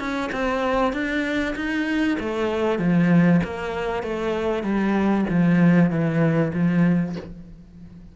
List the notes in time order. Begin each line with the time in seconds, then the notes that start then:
0.00 C#4
0.32 C4
0.93 D4
1.56 D#4
2.20 A3
2.79 F3
3.44 A#3
4.03 A3
4.64 G3
5.30 F3
5.91 E3
6.54 F3